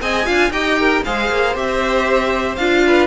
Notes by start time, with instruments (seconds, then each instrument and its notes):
0.00 cello C4, viola G#4, violin D#5 G#5
0.25 cello D4, viola F4, violin F5
0.50 cello D#4, viola G4, violin D#5 G5
0.78 violin A#4
1.04 cello G#3, viola G#4, violin C5 F5
1.29 cello A#3
1.54 cello C4, viola G4, violin E5
2.55 cello D4, viola F4, violin F5
2.86 violin B4